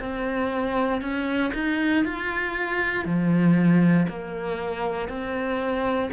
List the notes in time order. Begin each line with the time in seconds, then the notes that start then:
0.00 C4
1.02 C#4
1.54 D#4
2.05 F4
3.05 F3
4.09 A#3
5.08 C4